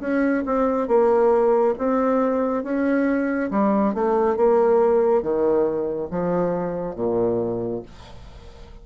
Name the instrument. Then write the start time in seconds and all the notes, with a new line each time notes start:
bassoon
0.00 C#4
0.45 C4
0.88 A#3
1.78 C4
2.63 C#4
3.51 G3
3.94 A3
4.36 A#3
5.22 D#3
6.10 F3
6.95 A#2